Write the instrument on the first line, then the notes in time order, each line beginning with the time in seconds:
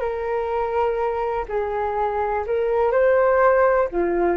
flute
0.00 A#4
1.48 G#4
2.46 A#4
2.92 C5
3.91 F4